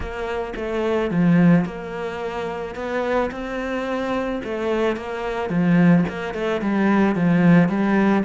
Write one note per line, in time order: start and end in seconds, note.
0.00 0.53 A#3
0.56 1.10 A3
1.10 1.65 F3
1.65 2.75 A#3
2.75 3.30 B3
3.31 4.41 C4
4.44 4.96 A3
4.96 5.49 A#3
5.49 6.04 F3
6.09 6.34 A#3
6.34 6.61 A3
6.61 7.15 G3
7.15 7.68 F3
7.68 8.23 G3